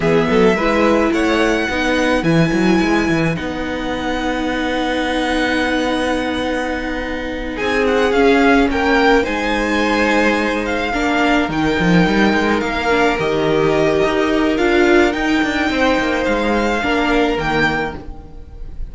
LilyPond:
<<
  \new Staff \with { instrumentName = "violin" } { \time 4/4 \tempo 4 = 107 e''2 fis''2 | gis''2 fis''2~ | fis''1~ | fis''4. gis''8 fis''8 f''4 g''8~ |
g''8 gis''2~ gis''8 f''4~ | f''8 g''2 f''4 dis''8~ | dis''2 f''4 g''4~ | g''4 f''2 g''4 | }
  \new Staff \with { instrumentName = "violin" } { \time 4/4 gis'8 a'8 b'4 cis''4 b'4~ | b'1~ | b'1~ | b'4. gis'2 ais'8~ |
ais'8 c''2. ais'8~ | ais'1~ | ais'1 | c''2 ais'2 | }
  \new Staff \with { instrumentName = "viola" } { \time 4/4 b4 e'2 dis'4 | e'2 dis'2~ | dis'1~ | dis'2~ dis'8 cis'4.~ |
cis'8 dis'2. d'8~ | d'8 dis'2~ dis'8 d'8 g'8~ | g'2 f'4 dis'4~ | dis'2 d'4 ais4 | }
  \new Staff \with { instrumentName = "cello" } { \time 4/4 e8 fis8 gis4 a4 b4 | e8 fis8 gis8 e8 b2~ | b1~ | b4. c'4 cis'4 ais8~ |
ais8 gis2. ais8~ | ais8 dis8 f8 g8 gis8 ais4 dis8~ | dis4 dis'4 d'4 dis'8 d'8 | c'8 ais8 gis4 ais4 dis4 | }
>>